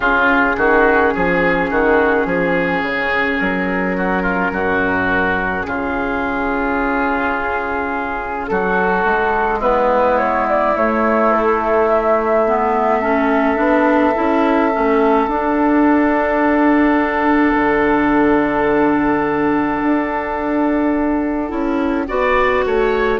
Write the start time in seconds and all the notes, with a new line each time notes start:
0.00 C#3 C#4 F4 G#4
0.57 D#3 F#4
1.14 F3 G#4
1.70 D#3 F#4
2.25 F3 G#4
2.82 C#3
3.37 F#3 A#4
3.96 F#4
4.22 F4
4.51 F#2 F#4
5.62 C#3 F4 G#4
8.47 F#3 F#4 A4
9.04 G#3
9.59 B3 E4 B4
10.18 C#5
10.49 D5
10.76 A3 C#5
11.32 A4
11.89 E5
12.47 B3
13.00 C#4 A4
13.56 B3 D4
14.15 C#4 E4
14.72 A3 C#4
15.27 D4 F#5
17.55 D3
19.82 D4
21.48 C#4 E4
22.08 B3 F#4 D5
22.65 A3 C#5